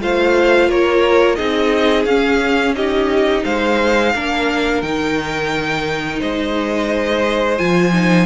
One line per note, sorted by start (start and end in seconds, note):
0.00 0.68 A3
0.00 1.37 F4
0.00 0.69 C5
0.00 0.70 F5
0.68 1.37 A#3
0.68 1.37 A#4
0.68 1.35 C#5
1.35 2.05 C4
1.35 2.06 D#4
1.35 2.75 G#4
1.35 2.04 D#5
2.05 3.43 C#4
2.05 2.75 C#4
2.05 2.74 F5
2.75 4.13 D#4
2.75 3.44 G4
2.75 3.44 D#5
3.44 4.14 G#3
3.44 4.13 C5
3.44 4.81 F5
4.14 4.82 A#3
4.14 4.83 D4
4.14 6.20 A#4
4.81 6.20 D#3
4.81 7.57 D#4
4.81 6.19 G5
6.20 7.59 G#3
6.20 8.26 C5
6.20 7.58 D#5
7.57 8.26 F3
7.57 7.92 F4
7.57 8.26 G#5
7.93 8.26 D#4